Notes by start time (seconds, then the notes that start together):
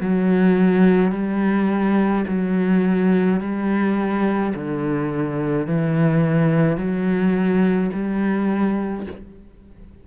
0.00 F#3
1.11 G3
2.27 F#3
3.40 G3
4.54 D3
5.67 E3
6.77 F#3
7.93 G3